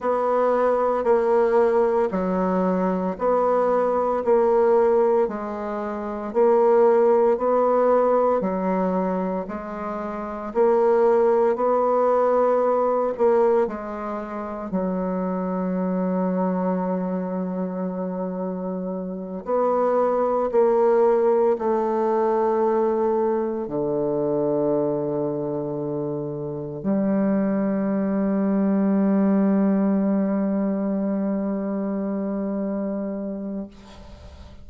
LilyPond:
\new Staff \with { instrumentName = "bassoon" } { \time 4/4 \tempo 4 = 57 b4 ais4 fis4 b4 | ais4 gis4 ais4 b4 | fis4 gis4 ais4 b4~ | b8 ais8 gis4 fis2~ |
fis2~ fis8 b4 ais8~ | ais8 a2 d4.~ | d4. g2~ g8~ | g1 | }